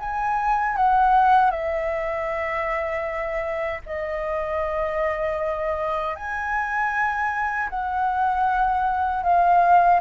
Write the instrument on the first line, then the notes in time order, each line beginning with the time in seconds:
flute
0.00 G#5
0.77 F#5
1.51 E5
3.86 D#5
6.16 G#5
7.70 F#5
9.23 F5